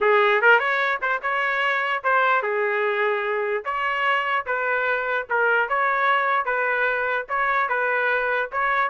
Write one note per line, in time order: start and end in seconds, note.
0.01 0.41 G#4
0.41 0.59 A#4
0.59 0.99 C#5
1.01 1.21 C5
1.22 2.03 C#5
2.03 2.42 C5
2.42 3.64 G#4
3.64 4.45 C#5
4.46 5.27 B4
5.29 5.68 A#4
5.68 6.45 C#5
6.45 7.26 B4
7.28 7.68 C#5
7.68 8.50 B4
8.52 8.90 C#5